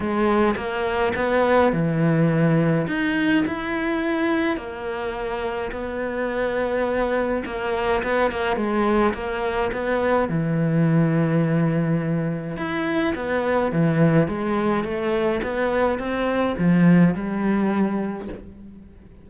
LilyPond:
\new Staff \with { instrumentName = "cello" } { \time 4/4 \tempo 4 = 105 gis4 ais4 b4 e4~ | e4 dis'4 e'2 | ais2 b2~ | b4 ais4 b8 ais8 gis4 |
ais4 b4 e2~ | e2 e'4 b4 | e4 gis4 a4 b4 | c'4 f4 g2 | }